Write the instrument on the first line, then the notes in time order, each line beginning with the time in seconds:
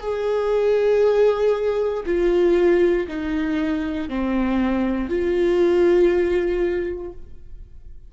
viola
0.00 G#4
2.06 F4
3.08 D#4
4.09 C4
5.09 F4